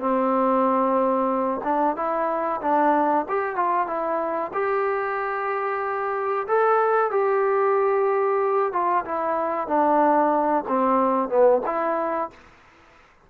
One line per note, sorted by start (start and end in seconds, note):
0.00 1.61 C4
1.64 1.96 D4
1.96 2.61 E4
2.62 3.26 D4
3.29 3.56 G4
3.56 3.87 F4
3.87 4.52 E4
4.54 6.47 G4
6.48 7.11 A4
7.11 8.73 G4
8.73 9.05 F4
9.06 9.68 E4
9.68 10.65 D4
10.69 11.29 C4
11.29 11.62 B3
11.66 12.30 E4